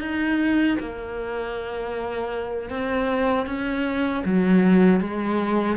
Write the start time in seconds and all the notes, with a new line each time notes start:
0.00 D#4
0.79 A#3
2.70 C4
3.46 C#4
4.24 F#3
5.00 G#3